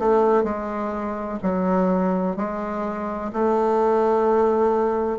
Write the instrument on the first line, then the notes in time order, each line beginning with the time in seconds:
bassoon
0.00 A3
0.44 G#3
1.43 F#3
2.37 G#3
3.33 A3